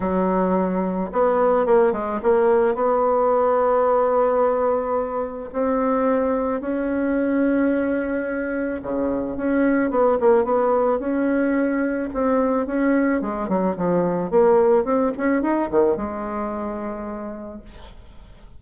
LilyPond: \new Staff \with { instrumentName = "bassoon" } { \time 4/4 \tempo 4 = 109 fis2 b4 ais8 gis8 | ais4 b2.~ | b2 c'2 | cis'1 |
cis4 cis'4 b8 ais8 b4 | cis'2 c'4 cis'4 | gis8 fis8 f4 ais4 c'8 cis'8 | dis'8 dis8 gis2. | }